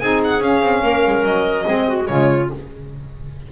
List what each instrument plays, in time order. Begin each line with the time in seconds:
0.00 double bass C4, saxophone D#4, clarinet G#4, violin G#5
0.24 violin F#5
0.41 double bass C#4, saxophone C#4, violin F5
0.62 double bass C4
0.83 double bass A#3, clarinet A#4
1.07 double bass G#3
1.24 double bass F#3, violin D#5
1.65 double bass G#3, saxophone C4, clarinet G#4
1.87 clarinet F#4
2.05 double bass C#3, saxophone G#3, clarinet F4, violin C#5